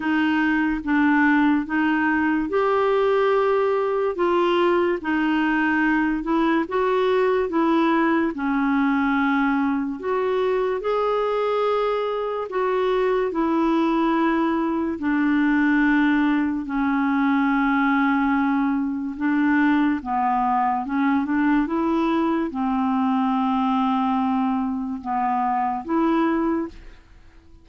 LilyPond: \new Staff \with { instrumentName = "clarinet" } { \time 4/4 \tempo 4 = 72 dis'4 d'4 dis'4 g'4~ | g'4 f'4 dis'4. e'8 | fis'4 e'4 cis'2 | fis'4 gis'2 fis'4 |
e'2 d'2 | cis'2. d'4 | b4 cis'8 d'8 e'4 c'4~ | c'2 b4 e'4 | }